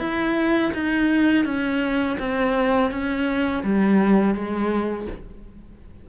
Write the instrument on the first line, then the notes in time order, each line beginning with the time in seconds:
cello
0.00 E4
0.74 D#4
1.45 C#4
2.19 C4
2.91 C#4
3.64 G3
4.35 G#3